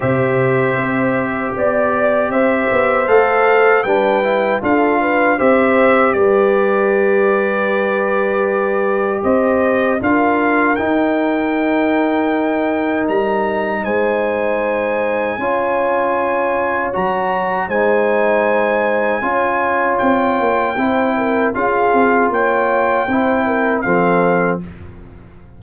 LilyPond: <<
  \new Staff \with { instrumentName = "trumpet" } { \time 4/4 \tempo 4 = 78 e''2 d''4 e''4 | f''4 g''4 f''4 e''4 | d''1 | dis''4 f''4 g''2~ |
g''4 ais''4 gis''2~ | gis''2 ais''4 gis''4~ | gis''2 g''2 | f''4 g''2 f''4 | }
  \new Staff \with { instrumentName = "horn" } { \time 4/4 c''2 d''4 c''4~ | c''4 b'4 a'8 b'8 c''4 | b'1 | c''4 ais'2.~ |
ais'2 c''2 | cis''2. c''4~ | c''4 cis''2 c''8 ais'8 | gis'4 cis''4 c''8 ais'8 a'4 | }
  \new Staff \with { instrumentName = "trombone" } { \time 4/4 g'1 | a'4 d'8 e'8 f'4 g'4~ | g'1~ | g'4 f'4 dis'2~ |
dis'1 | f'2 fis'4 dis'4~ | dis'4 f'2 e'4 | f'2 e'4 c'4 | }
  \new Staff \with { instrumentName = "tuba" } { \time 4/4 c4 c'4 b4 c'8 b8 | a4 g4 d'4 c'4 | g1 | c'4 d'4 dis'2~ |
dis'4 g4 gis2 | cis'2 fis4 gis4~ | gis4 cis'4 c'8 ais8 c'4 | cis'8 c'8 ais4 c'4 f4 | }
>>